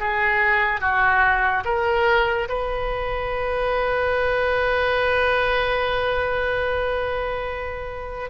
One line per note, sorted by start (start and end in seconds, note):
0.00 0.81 G#4
0.81 1.64 F#4
1.65 2.48 A#4
2.49 8.30 B4